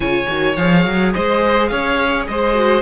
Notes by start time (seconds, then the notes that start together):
0.00 C#3 F4 C#5 G#5
0.27 D#3 F#4
0.56 F3 G#4 F5
0.85 F#3
1.13 G#3 C5 D#5
1.67 C#4 C#5 F5
2.27 G#3 C5 D#5
2.53 F#4